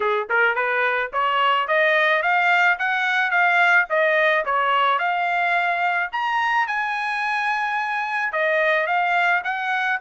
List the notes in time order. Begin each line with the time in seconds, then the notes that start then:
0.00 G#4
0.29 A#4
0.55 B4
1.12 C#5
1.67 D#5
2.22 F5
2.78 F#5
3.30 F5
3.89 D#5
4.45 C#5
4.98 F5
6.11 A#5
6.67 G#5
8.32 D#5
8.86 F5
9.44 F#5